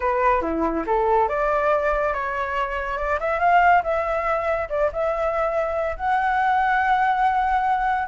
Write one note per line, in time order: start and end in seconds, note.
0.00 0.41 B4
0.41 0.84 E4
0.86 1.28 A4
1.28 2.13 D5
2.13 2.97 C#5
2.97 3.19 D5
3.20 3.39 E5
3.39 3.82 F5
3.83 4.68 E5
4.69 4.90 D5
4.92 5.96 E5
5.96 8.08 F#5